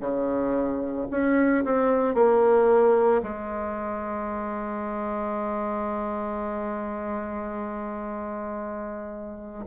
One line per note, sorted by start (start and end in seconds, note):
0.00 1.07 C#3
1.11 1.64 C#4
1.65 2.15 C4
2.15 3.22 A#3
3.23 9.66 G#3